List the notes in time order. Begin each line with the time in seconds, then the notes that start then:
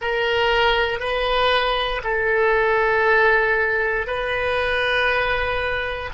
0.00 A#4
0.99 B4
2.03 A4
4.06 B4